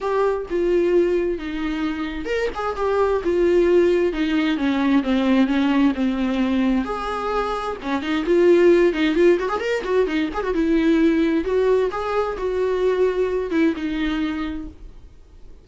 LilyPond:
\new Staff \with { instrumentName = "viola" } { \time 4/4 \tempo 4 = 131 g'4 f'2 dis'4~ | dis'4 ais'8 gis'8 g'4 f'4~ | f'4 dis'4 cis'4 c'4 | cis'4 c'2 gis'4~ |
gis'4 cis'8 dis'8 f'4. dis'8 | f'8 fis'16 gis'16 ais'8 fis'8 dis'8 gis'16 fis'16 e'4~ | e'4 fis'4 gis'4 fis'4~ | fis'4. e'8 dis'2 | }